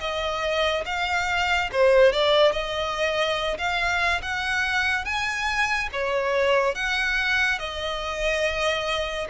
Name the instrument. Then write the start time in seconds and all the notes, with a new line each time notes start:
violin
0.00 D#5
0.85 F5
1.72 C5
2.12 D5
2.52 D#5
3.58 F5
4.22 F#5
5.05 G#5
5.92 C#5
6.75 F#5
7.59 D#5